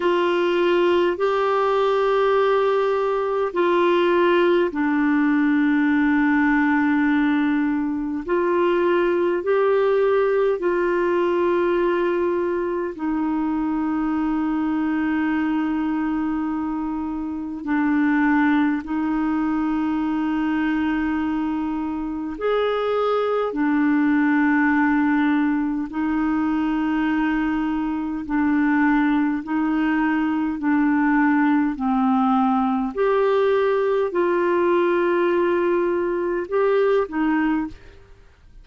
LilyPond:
\new Staff \with { instrumentName = "clarinet" } { \time 4/4 \tempo 4 = 51 f'4 g'2 f'4 | d'2. f'4 | g'4 f'2 dis'4~ | dis'2. d'4 |
dis'2. gis'4 | d'2 dis'2 | d'4 dis'4 d'4 c'4 | g'4 f'2 g'8 dis'8 | }